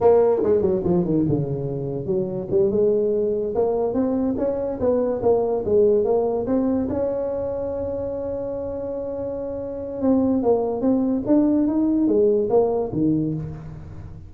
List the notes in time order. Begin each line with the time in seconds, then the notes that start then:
0.00 A#3
0.43 G#3
0.61 F#3
0.83 F3
1.04 D#3
1.28 C#3
2.05 F#3
2.50 G3
2.71 G#3
3.54 A#3
3.93 C4
4.37 C#4
4.80 B3
5.22 A#3
5.65 G#3
6.04 A#3
6.46 C4
6.89 C#4
10.01 C4
10.42 A#3
10.81 C4
11.26 D4
11.67 D#4
12.07 G#3
12.49 A#3
12.92 D#3